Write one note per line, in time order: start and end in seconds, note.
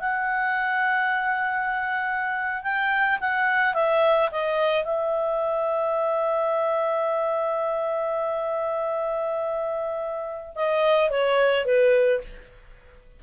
0.00 2.63 F#5
2.63 3.19 G5
3.20 3.74 F#5
3.74 4.30 E5
4.31 4.84 D#5
4.84 10.54 E5
10.55 11.10 D#5
11.10 11.65 C#5
11.65 12.21 B4